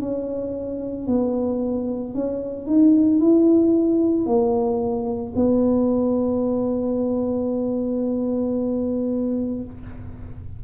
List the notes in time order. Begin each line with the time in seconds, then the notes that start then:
0.00 C#4
1.07 B3
2.14 C#4
2.66 D#4
3.20 E4
4.26 A#3
5.35 B3